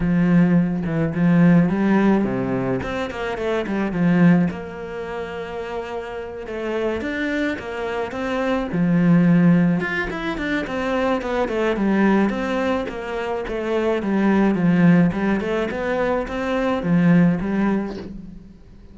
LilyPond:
\new Staff \with { instrumentName = "cello" } { \time 4/4 \tempo 4 = 107 f4. e8 f4 g4 | c4 c'8 ais8 a8 g8 f4 | ais2.~ ais8 a8~ | a8 d'4 ais4 c'4 f8~ |
f4. f'8 e'8 d'8 c'4 | b8 a8 g4 c'4 ais4 | a4 g4 f4 g8 a8 | b4 c'4 f4 g4 | }